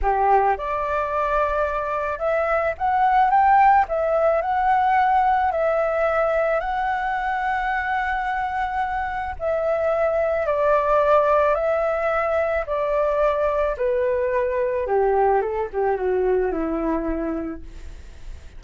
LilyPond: \new Staff \with { instrumentName = "flute" } { \time 4/4 \tempo 4 = 109 g'4 d''2. | e''4 fis''4 g''4 e''4 | fis''2 e''2 | fis''1~ |
fis''4 e''2 d''4~ | d''4 e''2 d''4~ | d''4 b'2 g'4 | a'8 g'8 fis'4 e'2 | }